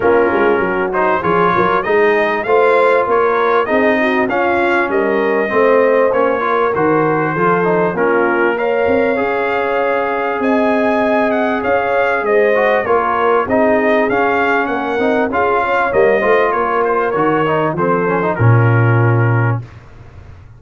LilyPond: <<
  \new Staff \with { instrumentName = "trumpet" } { \time 4/4 \tempo 4 = 98 ais'4. c''8 cis''4 dis''4 | f''4 cis''4 dis''4 f''4 | dis''2 cis''4 c''4~ | c''4 ais'4 f''2~ |
f''4 gis''4. fis''8 f''4 | dis''4 cis''4 dis''4 f''4 | fis''4 f''4 dis''4 cis''8 c''8 | cis''4 c''4 ais'2 | }
  \new Staff \with { instrumentName = "horn" } { \time 4/4 f'4 fis'4 gis'8 ais'8 gis'4 | c''4 ais'4 gis'8 fis'8 f'4 | ais'4 c''4. ais'4. | a'4 f'4 cis''2~ |
cis''4 dis''2 cis''4 | c''4 ais'4 gis'2 | ais'4 gis'8 cis''4 c''8 ais'4~ | ais'4 a'4 f'2 | }
  \new Staff \with { instrumentName = "trombone" } { \time 4/4 cis'4. dis'8 f'4 dis'4 | f'2 dis'4 cis'4~ | cis'4 c'4 cis'8 f'8 fis'4 | f'8 dis'8 cis'4 ais'4 gis'4~ |
gis'1~ | gis'8 fis'8 f'4 dis'4 cis'4~ | cis'8 dis'8 f'4 ais8 f'4. | fis'8 dis'8 c'8 cis'16 dis'16 cis'2 | }
  \new Staff \with { instrumentName = "tuba" } { \time 4/4 ais8 gis8 fis4 f8 fis8 gis4 | a4 ais4 c'4 cis'4 | g4 a4 ais4 dis4 | f4 ais4. c'8 cis'4~ |
cis'4 c'2 cis'4 | gis4 ais4 c'4 cis'4 | ais8 c'8 cis'4 g8 a8 ais4 | dis4 f4 ais,2 | }
>>